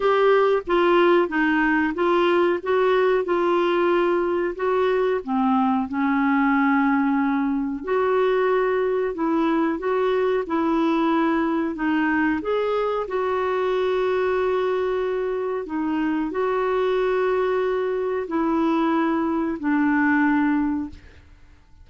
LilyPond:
\new Staff \with { instrumentName = "clarinet" } { \time 4/4 \tempo 4 = 92 g'4 f'4 dis'4 f'4 | fis'4 f'2 fis'4 | c'4 cis'2. | fis'2 e'4 fis'4 |
e'2 dis'4 gis'4 | fis'1 | dis'4 fis'2. | e'2 d'2 | }